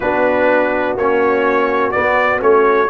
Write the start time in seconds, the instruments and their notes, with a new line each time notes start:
0.00 tuba B3, trombone D4, horn F#4, trumpet B4
0.96 tuba A#3, trombone C#4, trumpet C#5
1.91 trombone B3, tuba B3, trumpet D5
2.39 tuba A3, trombone C#4, trumpet C#5